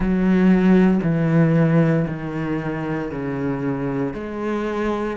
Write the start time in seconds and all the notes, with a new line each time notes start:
0.00 F#3
1.03 E3
2.07 D#3
3.11 C#3
4.13 G#3